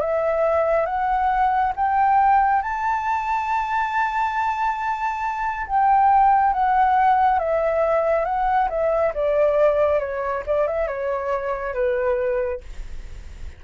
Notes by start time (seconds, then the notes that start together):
0.00 E5
0.85 F#5
1.75 G5
2.62 A5
5.67 G5
6.53 F#5
7.38 E5
8.25 F#5
8.69 E5
9.14 D5
9.99 C#5
10.46 D5
10.66 E5
10.87 C#5
11.74 B4